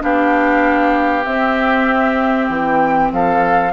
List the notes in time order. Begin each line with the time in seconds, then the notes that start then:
0.00 B3 D4 G4 F5
1.23 C4 E5
2.49 E3 G5
3.12 F3 A4 F5